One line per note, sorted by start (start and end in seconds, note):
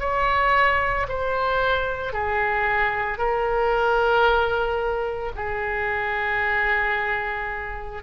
0.00 1.07 C#5
1.09 2.13 C5
2.13 3.18 G#4
3.18 5.32 A#4
5.36 8.03 G#4